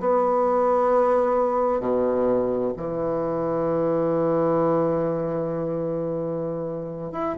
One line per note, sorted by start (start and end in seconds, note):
0.00 1.80 B3
1.80 2.72 B2
2.77 7.12 E3
7.12 7.35 E4